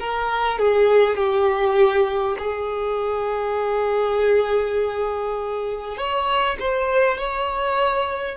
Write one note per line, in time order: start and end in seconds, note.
0.00 0.59 A#4
0.59 1.17 G#4
1.17 2.37 G4
2.39 5.98 G#4
5.98 6.58 C#5
6.60 7.19 C5
7.19 8.37 C#5